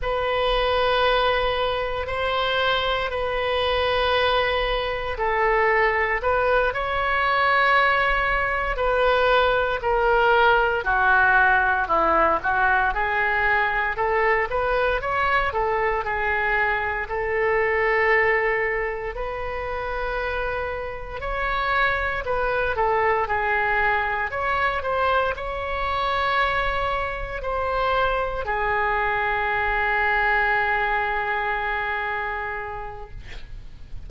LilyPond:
\new Staff \with { instrumentName = "oboe" } { \time 4/4 \tempo 4 = 58 b'2 c''4 b'4~ | b'4 a'4 b'8 cis''4.~ | cis''8 b'4 ais'4 fis'4 e'8 | fis'8 gis'4 a'8 b'8 cis''8 a'8 gis'8~ |
gis'8 a'2 b'4.~ | b'8 cis''4 b'8 a'8 gis'4 cis''8 | c''8 cis''2 c''4 gis'8~ | gis'1 | }